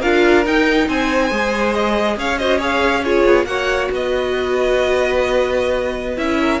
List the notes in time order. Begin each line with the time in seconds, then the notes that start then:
0.00 D4 F4 A#4 F5
0.44 D#4 G5
0.87 C4 C5 G#5
1.30 G#3 G#4
1.73 D#5
2.16 C#4 C#5 F5
2.37 F#4 C5 D#5
2.57 G#4 C#5 F5
3.03 F4 G#4 C#5
3.24 B3
3.45 A#3 F#4 C#5 F#5
3.91 B3 B4 D#5
6.16 C#4 E4 E5
6.40 A#4